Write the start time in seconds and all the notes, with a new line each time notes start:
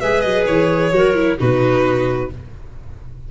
0.00 G#3 G#4 B4 E5
0.20 F#3 D#5
0.45 E3 C#5
0.92 F#3 F#4 A#4
1.14 E4
1.38 B2 D#4 F#4 B4